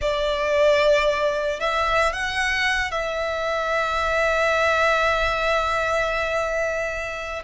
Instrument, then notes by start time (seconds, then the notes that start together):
violin
0.01 D5
1.60 E5
2.12 F#5
2.91 E5